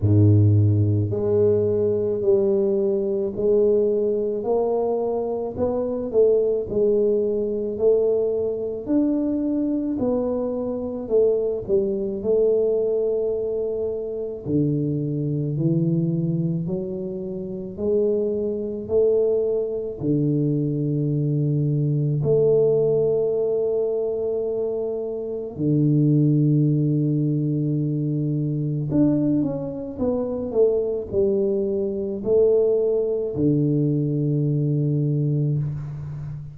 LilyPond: \new Staff \with { instrumentName = "tuba" } { \time 4/4 \tempo 4 = 54 gis,4 gis4 g4 gis4 | ais4 b8 a8 gis4 a4 | d'4 b4 a8 g8 a4~ | a4 d4 e4 fis4 |
gis4 a4 d2 | a2. d4~ | d2 d'8 cis'8 b8 a8 | g4 a4 d2 | }